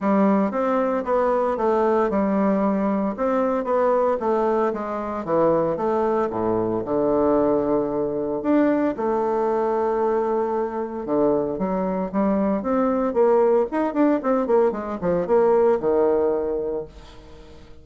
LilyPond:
\new Staff \with { instrumentName = "bassoon" } { \time 4/4 \tempo 4 = 114 g4 c'4 b4 a4 | g2 c'4 b4 | a4 gis4 e4 a4 | a,4 d2. |
d'4 a2.~ | a4 d4 fis4 g4 | c'4 ais4 dis'8 d'8 c'8 ais8 | gis8 f8 ais4 dis2 | }